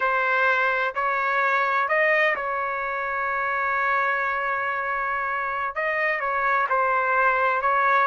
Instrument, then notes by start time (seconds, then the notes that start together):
trumpet
0.00 C5
0.94 C#5
1.88 D#5
2.35 C#5
5.75 D#5
6.20 C#5
6.69 C5
7.61 C#5